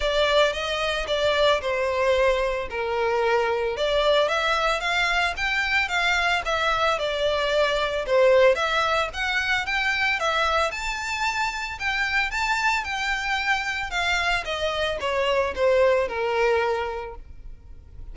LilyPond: \new Staff \with { instrumentName = "violin" } { \time 4/4 \tempo 4 = 112 d''4 dis''4 d''4 c''4~ | c''4 ais'2 d''4 | e''4 f''4 g''4 f''4 | e''4 d''2 c''4 |
e''4 fis''4 g''4 e''4 | a''2 g''4 a''4 | g''2 f''4 dis''4 | cis''4 c''4 ais'2 | }